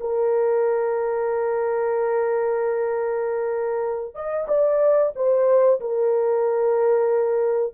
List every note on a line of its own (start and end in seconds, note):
0.00 4.14 A#4
4.14 4.47 D#5
4.48 5.12 D5
5.15 5.80 C5
5.80 7.73 A#4